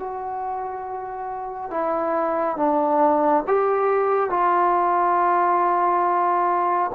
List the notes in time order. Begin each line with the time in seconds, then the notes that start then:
0.00 F#4
1.71 E4
2.57 D4
3.47 G4
4.30 F4